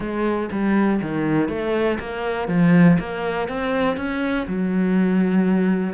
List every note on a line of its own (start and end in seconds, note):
0.00 0.49 G#3
0.51 1.01 G3
1.02 1.48 D#3
1.48 1.98 A3
1.99 2.47 A#3
2.47 2.97 F3
2.99 3.48 A#3
3.48 3.96 C4
3.96 4.46 C#4
4.47 5.93 F#3